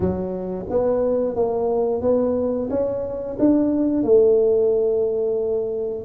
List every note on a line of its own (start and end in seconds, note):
0.00 0.65 F#3
0.69 1.35 B3
1.35 2.01 A#3
2.01 2.69 B3
2.70 3.37 C#4
3.39 4.03 D4
4.03 6.04 A3